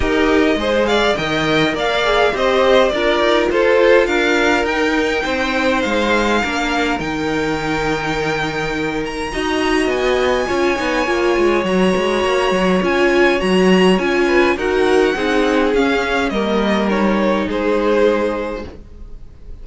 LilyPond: <<
  \new Staff \with { instrumentName = "violin" } { \time 4/4 \tempo 4 = 103 dis''4. f''8 g''4 f''4 | dis''4 d''4 c''4 f''4 | g''2 f''2 | g''2.~ g''8 ais''8~ |
ais''4 gis''2. | ais''2 gis''4 ais''4 | gis''4 fis''2 f''4 | dis''4 cis''4 c''2 | }
  \new Staff \with { instrumentName = "violin" } { \time 4/4 ais'4 c''8 d''8 dis''4 d''4 | c''4 ais'4 a'4 ais'4~ | ais'4 c''2 ais'4~ | ais'1 |
dis''2 cis''2~ | cis''1~ | cis''8 b'8 ais'4 gis'2 | ais'2 gis'2 | }
  \new Staff \with { instrumentName = "viola" } { \time 4/4 g'4 gis'4 ais'4. gis'8 | g'4 f'2. | dis'2. d'4 | dis'1 |
fis'2 f'8 dis'8 f'4 | fis'2 f'4 fis'4 | f'4 fis'4 dis'4 cis'4 | ais4 dis'2. | }
  \new Staff \with { instrumentName = "cello" } { \time 4/4 dis'4 gis4 dis4 ais4 | c'4 d'8 dis'8 f'4 d'4 | dis'4 c'4 gis4 ais4 | dis1 |
dis'4 b4 cis'8 b8 ais8 gis8 | fis8 gis8 ais8 fis8 cis'4 fis4 | cis'4 dis'4 c'4 cis'4 | g2 gis2 | }
>>